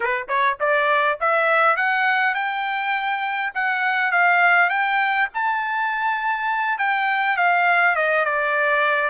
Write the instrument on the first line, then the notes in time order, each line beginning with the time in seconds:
trumpet
0.00 B4
0.28 C#5
0.60 D5
1.20 E5
1.76 F#5
2.34 G5
3.54 F#5
4.11 F5
4.69 G5
5.34 A5
6.78 G5
7.36 F5
7.95 D#5
8.25 D5